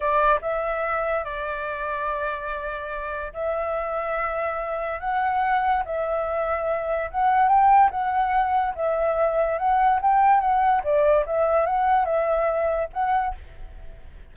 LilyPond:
\new Staff \with { instrumentName = "flute" } { \time 4/4 \tempo 4 = 144 d''4 e''2 d''4~ | d''1 | e''1 | fis''2 e''2~ |
e''4 fis''4 g''4 fis''4~ | fis''4 e''2 fis''4 | g''4 fis''4 d''4 e''4 | fis''4 e''2 fis''4 | }